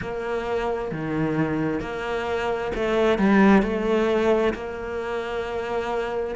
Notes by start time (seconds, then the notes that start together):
0.01 A#3
0.91 D#3
1.80 A#3
2.75 A3
3.18 G3
3.62 A3
4.53 A#3